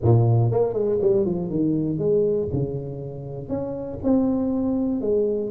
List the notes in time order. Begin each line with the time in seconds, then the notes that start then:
0.02 A#2
0.51 A#3
0.73 G#3
1.01 G3
1.25 F3
1.50 D#3
1.98 G#3
2.52 C#3
3.48 C#4
4.03 C4
5.01 G#3